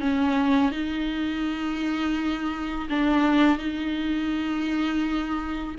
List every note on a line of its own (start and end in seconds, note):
0.00 0.71 C#4
0.71 2.88 D#4
2.89 3.58 D4
3.58 5.75 D#4